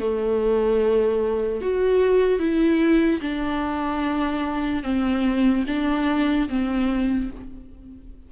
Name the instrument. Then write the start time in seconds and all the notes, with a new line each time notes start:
viola
0.00 A3
1.61 F#4
2.40 E4
3.21 D4
4.84 C4
5.68 D4
6.49 C4